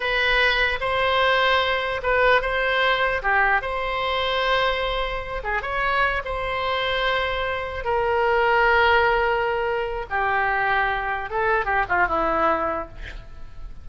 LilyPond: \new Staff \with { instrumentName = "oboe" } { \time 4/4 \tempo 4 = 149 b'2 c''2~ | c''4 b'4 c''2 | g'4 c''2.~ | c''4. gis'8 cis''4. c''8~ |
c''2.~ c''8 ais'8~ | ais'1~ | ais'4 g'2. | a'4 g'8 f'8 e'2 | }